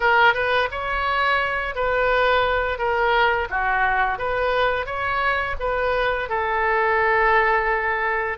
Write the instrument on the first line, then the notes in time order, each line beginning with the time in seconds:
oboe
0.00 A#4
0.33 B4
0.71 C#5
1.75 B4
2.78 A#4
3.49 F#4
4.18 B4
4.86 C#5
5.59 B4
6.29 A4